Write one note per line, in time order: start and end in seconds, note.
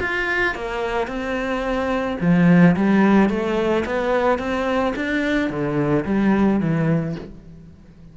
0.00 0.55 F4
0.55 1.07 A#3
1.07 2.17 C4
2.20 2.75 F3
2.76 3.29 G3
3.29 3.84 A3
3.85 4.38 B3
4.38 4.93 C4
4.96 5.49 D4
5.49 6.05 D3
6.05 6.60 G3
6.60 7.15 E3